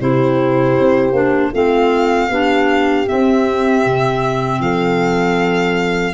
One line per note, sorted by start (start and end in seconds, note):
0.00 0.77 C3
0.00 1.13 E4
0.00 1.52 G4
0.00 1.54 C5
0.79 1.12 C4
1.12 1.51 A#3
1.12 1.52 D4
1.52 2.29 A3
1.52 2.31 C4
1.52 2.29 F4
1.52 3.08 F5
2.29 3.06 B3
2.29 3.06 D4
2.29 4.61 G4
3.06 6.14 C4
3.06 3.86 C4
3.06 4.61 E5
3.86 4.60 C3
4.60 6.14 F3
4.60 6.14 A4
4.60 6.14 F5